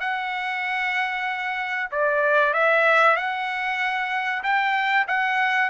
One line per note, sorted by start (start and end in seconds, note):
0.00 1.89 F#5
1.91 2.53 D5
2.53 3.17 E5
3.17 4.43 F#5
4.43 5.06 G5
5.08 5.70 F#5